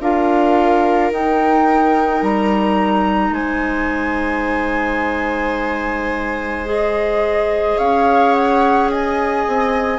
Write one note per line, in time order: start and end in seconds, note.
0.00 1.11 D4
0.00 1.12 F4
0.00 3.34 A#4
0.00 1.12 F5
1.11 2.22 D#4
1.11 6.66 D#4
1.11 2.23 G5
2.22 3.31 G3
2.22 3.34 A#5
3.31 7.75 G#3
3.31 7.78 C5
3.31 6.67 G#5
6.66 9.99 G#4
6.66 7.78 D#5
7.78 9.46 C#4
7.78 8.90 C#5
7.78 8.34 F5
8.34 8.89 F#5
8.91 9.99 D#5
8.91 9.99 G#5
9.47 9.99 C4